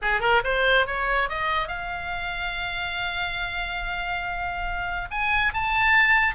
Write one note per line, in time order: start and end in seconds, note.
0.02 0.20 G#4
0.20 0.41 A#4
0.44 0.86 C5
0.86 1.29 C#5
1.29 1.68 D#5
1.68 5.08 F5
5.10 5.53 G#5
5.53 6.35 A5